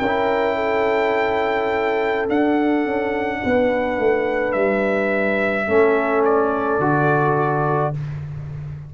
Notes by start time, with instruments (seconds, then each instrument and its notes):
0.00 tuba C#4, horn A#4, trumpet G5
0.06 trombone E4
0.56 horn A4
2.28 trombone D4, tuba D4, trumpet F#5
2.85 tuba C#4
3.43 tuba B3, horn B4
3.99 tuba A3
4.53 tuba G3, trumpet E5
5.68 tuba A3, trombone C#4, horn A4
6.25 trumpet D5
6.79 tuba D3, trombone F#4